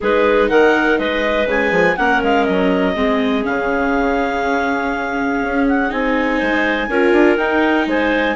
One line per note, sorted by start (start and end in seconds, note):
0.00 0.49 G#3
0.00 1.45 D#4
0.00 0.50 G#4
0.00 0.49 B4
0.49 0.98 D#3
0.49 0.98 A#4
0.49 0.98 F#5
0.98 1.46 G#3
0.98 1.97 B4
0.98 1.47 D#5
1.45 1.70 C#3
1.45 1.94 G#3
1.45 1.97 G#5
1.71 1.95 F3
1.97 2.23 A#3
1.97 2.95 C#4
1.97 2.93 A#4
1.97 2.21 F#5
2.23 2.47 G#3
2.23 2.44 F5
2.44 2.95 F#3
2.44 3.43 D#5
2.93 3.45 G#3
2.93 3.43 C4
2.93 6.38 G#4
3.43 5.41 C#3
3.43 5.89 C#4
3.43 5.66 F5
5.41 5.91 C#4
5.68 5.91 F#5
5.89 6.41 C4
5.89 6.87 D#4
5.89 7.37 G#5
6.38 6.88 G#3
6.38 6.87 C5
6.88 7.12 C#4
6.88 7.38 F4
6.88 7.87 A#4
7.12 7.36 D4
7.37 8.35 D#4
7.37 7.86 D#4
7.37 7.86 G5
7.86 8.35 G#3
7.86 8.35 C5
7.86 8.35 G#5